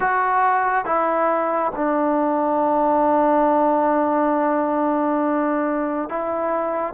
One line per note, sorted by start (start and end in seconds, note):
0.00 0.85 F#4
0.85 1.72 E4
1.75 6.09 D4
6.09 6.93 E4